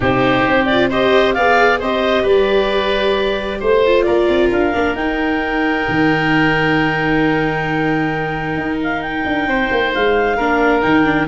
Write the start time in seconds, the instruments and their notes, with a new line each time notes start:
0.00 tuba C3, viola D#4, oboe G4, clarinet C5
0.46 tuba C4
0.66 viola F4, clarinet D5
0.89 viola G4, oboe C5, clarinet D#5
1.33 tuba B3, viola G#4, oboe D5, clarinet F5
1.79 tuba C4, viola G4, oboe C5, clarinet D#5
2.22 tuba G3, oboe B4, clarinet D5
3.60 tuba A3, oboe C5, clarinet C5
3.85 viola F4
4.03 tuba A#3, oboe A#4, clarinet D5
4.28 tuba C4
4.51 tuba D4, clarinet F5
4.73 tuba A#3, viola D4
4.94 tuba D#4, viola D#4, clarinet G5
5.88 tuba D#3
8.56 tuba D#4
8.83 clarinet F5
9.01 clarinet G5
9.25 tuba D4
9.47 tuba C4, oboe C5
9.71 tuba A#3
9.94 tuba G#3, clarinet F5
10.37 tuba A#3, viola D4, oboe A#4
10.81 tuba D#3, viola D#4, clarinet G5
11.04 viola D4